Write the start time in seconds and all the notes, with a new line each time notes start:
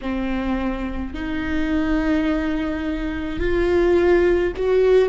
0.01 C4
1.13 D#4
3.40 F4
4.56 F#4